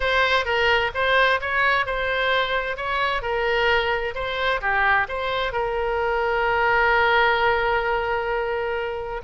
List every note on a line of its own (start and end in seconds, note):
0.00 0.45 C5
0.45 0.91 A#4
0.94 1.40 C5
1.40 1.86 C#5
1.86 2.77 C5
2.77 3.22 C#5
3.22 4.14 A#4
4.14 4.60 C5
4.61 5.07 G4
5.08 5.52 C5
5.52 9.21 A#4